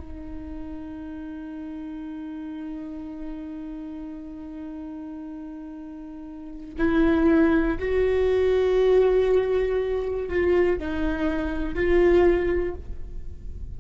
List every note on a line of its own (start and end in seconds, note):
0.00 6.75 D#4
6.79 7.79 E4
7.80 10.29 F#4
10.29 10.79 F4
10.79 11.75 D#4
11.75 12.75 F4